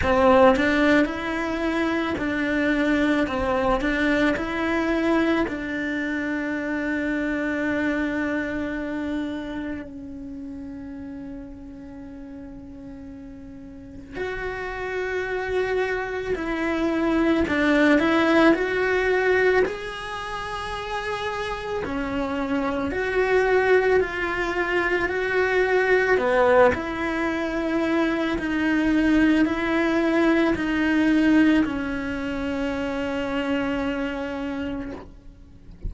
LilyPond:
\new Staff \with { instrumentName = "cello" } { \time 4/4 \tempo 4 = 55 c'8 d'8 e'4 d'4 c'8 d'8 | e'4 d'2.~ | d'4 cis'2.~ | cis'4 fis'2 e'4 |
d'8 e'8 fis'4 gis'2 | cis'4 fis'4 f'4 fis'4 | b8 e'4. dis'4 e'4 | dis'4 cis'2. | }